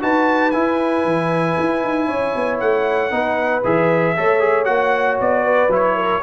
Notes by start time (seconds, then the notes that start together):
0.00 D#4 F#4 B4 A5
0.50 E4 G#5
1.04 E3
1.59 E4
1.83 D#4
2.07 C#4 C#5
2.35 B3
2.59 A3 F#5
3.10 B3 D#4 B4
3.64 E3 G#4 E5
4.17 A3 A4 C#5
4.39 G#4
4.64 A#3 F#4 F#5
5.20 B3 D5
5.44 B4
5.68 F#3 E4 C#5
5.95 A#4